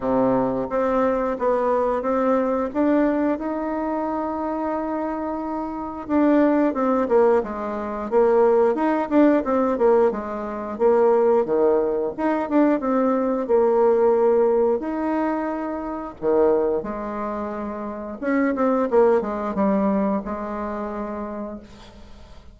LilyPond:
\new Staff \with { instrumentName = "bassoon" } { \time 4/4 \tempo 4 = 89 c4 c'4 b4 c'4 | d'4 dis'2.~ | dis'4 d'4 c'8 ais8 gis4 | ais4 dis'8 d'8 c'8 ais8 gis4 |
ais4 dis4 dis'8 d'8 c'4 | ais2 dis'2 | dis4 gis2 cis'8 c'8 | ais8 gis8 g4 gis2 | }